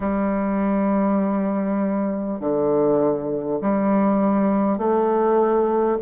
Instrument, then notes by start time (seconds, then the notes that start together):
bassoon
0.00 G3
2.39 D3
3.61 G3
4.77 A3